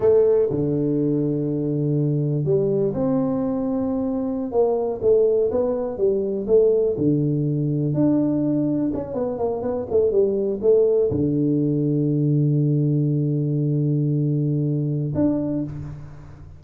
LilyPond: \new Staff \with { instrumentName = "tuba" } { \time 4/4 \tempo 4 = 123 a4 d2.~ | d4 g4 c'2~ | c'4~ c'16 ais4 a4 b8.~ | b16 g4 a4 d4.~ d16~ |
d16 d'2 cis'8 b8 ais8 b16~ | b16 a8 g4 a4 d4~ d16~ | d1~ | d2. d'4 | }